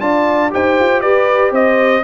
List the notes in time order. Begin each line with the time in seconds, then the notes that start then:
0.00 D4 F4 D5 A5
0.50 D#4 G4 C5 G5
0.79 F4
1.01 G4 B4 D5
1.51 C4 C5 D#5